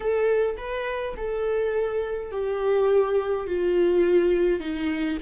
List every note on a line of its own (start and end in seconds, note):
0.00 0.56 A4
0.57 1.14 B4
1.16 2.31 A4
2.31 3.46 G4
3.46 4.60 F4
4.60 5.17 D#4